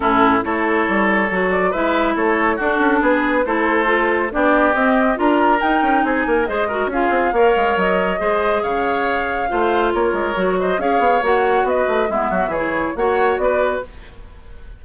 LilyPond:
<<
  \new Staff \with { instrumentName = "flute" } { \time 4/4 \tempo 4 = 139 a'4 cis''2~ cis''8 d''8 | e''4 cis''4 a'4 b'4 | c''2 d''4 dis''4 | ais''4 g''4 gis''4 dis''4 |
f''2 dis''2 | f''2. cis''4~ | cis''8 dis''8 f''4 fis''4 dis''4 | e''4 cis''4 fis''4 d''4 | }
  \new Staff \with { instrumentName = "oboe" } { \time 4/4 e'4 a'2. | b'4 a'4 fis'4 gis'4 | a'2 g'2 | ais'2 gis'8 ais'8 c''8 ais'8 |
gis'4 cis''2 c''4 | cis''2 c''4 ais'4~ | ais'8 c''8 cis''2 b'4 | e'8 fis'8 gis'4 cis''4 b'4 | }
  \new Staff \with { instrumentName = "clarinet" } { \time 4/4 cis'4 e'2 fis'4 | e'2 d'2 | e'4 f'4 d'4 c'4 | f'4 dis'2 gis'8 fis'8 |
f'4 ais'2 gis'4~ | gis'2 f'2 | fis'4 gis'4 fis'2 | b4 e'4 fis'2 | }
  \new Staff \with { instrumentName = "bassoon" } { \time 4/4 a,4 a4 g4 fis4 | gis4 a4 d'8 cis'8 b4 | a2 b4 c'4 | d'4 dis'8 cis'8 c'8 ais8 gis4 |
cis'8 c'8 ais8 gis8 fis4 gis4 | cis2 a4 ais8 gis8 | fis4 cis'8 b8 ais4 b8 a8 | gis8 fis8 e4 ais4 b4 | }
>>